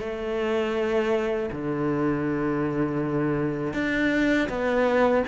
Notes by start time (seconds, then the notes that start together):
0.00 A3
1.52 D3
3.74 D4
4.49 B3